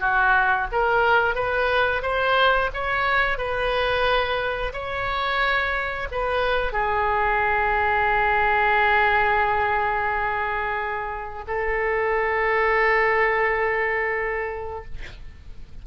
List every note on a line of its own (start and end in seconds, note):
0.00 0.67 F#4
0.72 1.35 A#4
1.35 2.03 B4
2.03 2.70 C5
2.74 3.38 C#5
3.38 4.73 B4
4.73 6.08 C#5
6.12 6.73 B4
6.73 11.45 G#4
11.48 14.85 A4